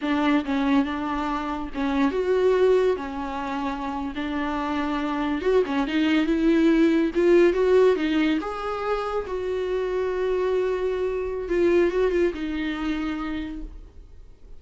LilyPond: \new Staff \with { instrumentName = "viola" } { \time 4/4 \tempo 4 = 141 d'4 cis'4 d'2 | cis'4 fis'2 cis'4~ | cis'4.~ cis'16 d'2~ d'16~ | d'8. fis'8 cis'8 dis'4 e'4~ e'16~ |
e'8. f'4 fis'4 dis'4 gis'16~ | gis'4.~ gis'16 fis'2~ fis'16~ | fis'2. f'4 | fis'8 f'8 dis'2. | }